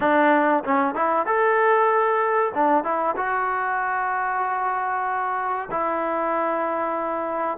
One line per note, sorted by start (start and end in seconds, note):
0.00 0.63 D4
0.64 0.94 C#4
0.94 1.26 E4
1.26 2.52 A4
2.54 2.83 D4
2.83 3.15 E4
3.16 5.69 F#4
5.70 7.58 E4